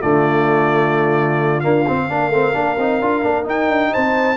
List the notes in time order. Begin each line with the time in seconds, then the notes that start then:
0.00 D3 A3 F4 D5
1.60 A#3 D4 F5
1.87 C4
2.09 A#3 D4 A#4
2.29 A3 C4
2.53 A#3 D4
2.77 C4 D#4
3.00 D4 F4
3.22 A#3 D4
3.43 D#4 G5
3.67 D4
3.92 C4 C5 A5